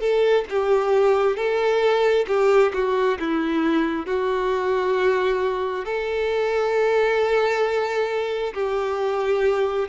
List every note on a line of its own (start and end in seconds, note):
0.00 0.45 A4
0.50 1.36 G4
1.36 2.26 A4
2.28 2.72 G4
2.74 3.18 F#4
3.20 4.06 E4
4.06 5.85 F#4
5.85 8.54 A4
8.54 9.88 G4